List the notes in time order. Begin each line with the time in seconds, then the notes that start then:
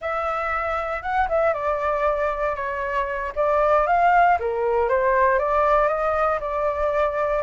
0.01 E5
1.02 F#5
1.28 E5
1.53 D5
2.55 C#5
3.35 D5
3.86 F5
4.39 A#4
4.89 C5
5.38 D5
5.88 D#5
6.40 D5